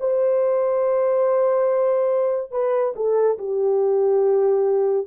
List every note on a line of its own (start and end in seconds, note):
0.00 2.52 C5
2.52 2.94 B4
2.96 3.38 A4
3.38 5.07 G4